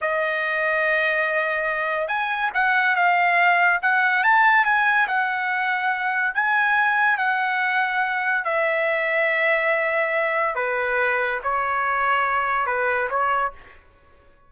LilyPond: \new Staff \with { instrumentName = "trumpet" } { \time 4/4 \tempo 4 = 142 dis''1~ | dis''4 gis''4 fis''4 f''4~ | f''4 fis''4 a''4 gis''4 | fis''2. gis''4~ |
gis''4 fis''2. | e''1~ | e''4 b'2 cis''4~ | cis''2 b'4 cis''4 | }